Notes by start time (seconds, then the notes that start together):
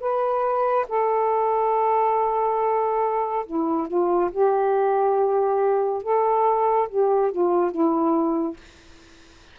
0.00 B4
0.88 A4
3.46 E4
3.88 F4
4.31 G4
6.02 A4
6.88 G4
7.31 F4
7.71 E4